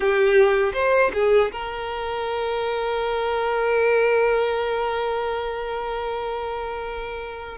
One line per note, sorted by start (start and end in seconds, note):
0.00 0.72 G4
0.73 1.11 C5
1.13 1.51 G#4
1.52 7.58 A#4